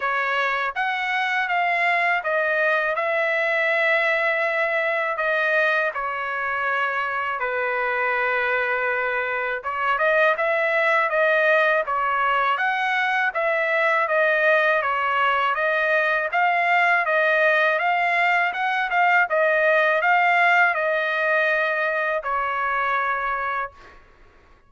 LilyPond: \new Staff \with { instrumentName = "trumpet" } { \time 4/4 \tempo 4 = 81 cis''4 fis''4 f''4 dis''4 | e''2. dis''4 | cis''2 b'2~ | b'4 cis''8 dis''8 e''4 dis''4 |
cis''4 fis''4 e''4 dis''4 | cis''4 dis''4 f''4 dis''4 | f''4 fis''8 f''8 dis''4 f''4 | dis''2 cis''2 | }